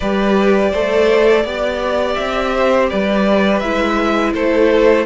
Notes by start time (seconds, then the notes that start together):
0.00 G3 G4 B4 D5
0.71 A3 A4 C5
1.44 B3 G4 D5
2.14 C4 E5
2.54 C5
2.89 G3 B4 D5
3.59 G#3 E4 E5
4.33 A3 A4 C5